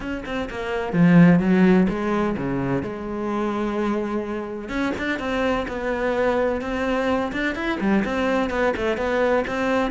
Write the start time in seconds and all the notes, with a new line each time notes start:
0.00 C#4
0.25 C4
0.50 A#3
0.92 F3
1.39 F#3
1.88 G#3
2.36 C#3
2.82 G#3
4.69 C#4
4.98 D4
5.19 C4
5.68 B3
6.61 C4
7.32 D4
7.55 E4
7.80 G3
8.04 C4
8.50 B3
8.76 A3
8.97 B3
9.47 C4